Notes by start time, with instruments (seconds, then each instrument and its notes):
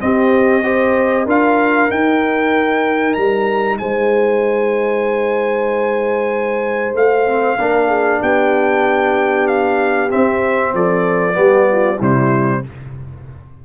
0.00 trombone C4, tuba C4, horn G4, trumpet D#5
0.63 trombone G4, horn C5
1.25 tuba D4, trombone F4, horn A#4, trumpet F5
1.89 trombone D#4, tuba D#4, trumpet G5
3.13 tuba G3, trumpet A#5
3.78 tuba G#3, horn C5, trumpet G#5
6.93 tuba A3, trumpet F5
7.26 trombone C4
7.58 tuba A#3, trombone D4, horn A#4
7.87 horn G#4
8.22 tuba B3, horn G4, trumpet G5
9.47 trumpet F5
10.09 trombone C4, tuba C4, trumpet E5
10.73 tuba F3, horn A4, trumpet D5
11.32 tuba G3, trombone B3, horn G4
11.71 horn F4
11.96 tuba C3, trombone G3, horn E4, trumpet C5